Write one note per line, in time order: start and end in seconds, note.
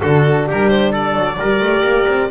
0.00 0.49 D3
0.00 1.38 D4
0.00 0.47 F#4
0.00 0.46 A4
0.47 1.14 G3
0.47 0.91 G4
0.47 0.69 A#4
0.69 0.92 C5
0.91 1.37 A4
0.91 2.30 D5
1.14 1.37 F#3
1.39 1.59 G3
1.39 2.30 G4
1.39 2.30 A#4
1.59 1.82 A3
1.83 2.06 A#3
2.07 2.30 C4